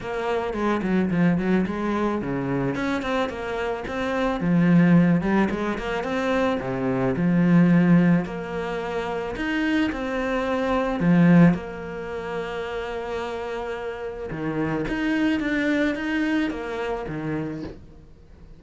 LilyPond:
\new Staff \with { instrumentName = "cello" } { \time 4/4 \tempo 4 = 109 ais4 gis8 fis8 f8 fis8 gis4 | cis4 cis'8 c'8 ais4 c'4 | f4. g8 gis8 ais8 c'4 | c4 f2 ais4~ |
ais4 dis'4 c'2 | f4 ais2.~ | ais2 dis4 dis'4 | d'4 dis'4 ais4 dis4 | }